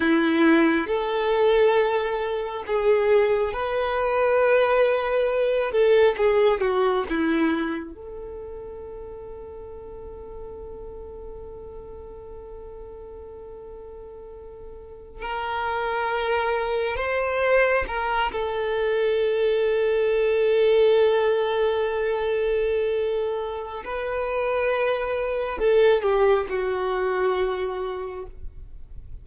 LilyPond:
\new Staff \with { instrumentName = "violin" } { \time 4/4 \tempo 4 = 68 e'4 a'2 gis'4 | b'2~ b'8 a'8 gis'8 fis'8 | e'4 a'2.~ | a'1~ |
a'4~ a'16 ais'2 c''8.~ | c''16 ais'8 a'2.~ a'16~ | a'2. b'4~ | b'4 a'8 g'8 fis'2 | }